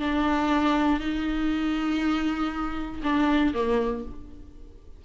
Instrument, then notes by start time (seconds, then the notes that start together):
viola
0.00 D4
1.00 D#4
3.03 D4
3.55 A#3